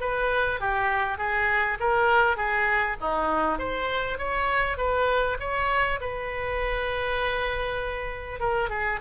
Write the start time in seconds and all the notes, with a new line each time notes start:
0.00 B4
0.60 G4
1.18 G#4
1.80 A#4
2.36 G#4
3.01 D#4
3.58 C5
4.18 C#5
4.77 B4
5.39 C#5
6.01 B4
8.40 A#4
8.69 G#4